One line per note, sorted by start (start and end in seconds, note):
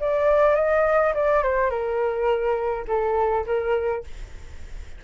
0.00 0.55 D5
0.55 1.13 D#5
1.15 1.43 D5
1.43 1.70 C5
1.70 2.85 A#4
2.87 3.45 A4
3.46 4.04 A#4